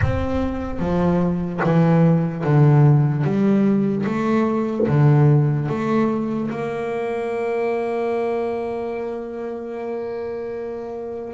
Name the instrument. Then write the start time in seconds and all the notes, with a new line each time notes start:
double bass
0.01 C4
0.79 F3
1.63 E3
2.43 D3
3.24 G3
4.06 A3
4.87 D3
5.68 A3
6.50 A#3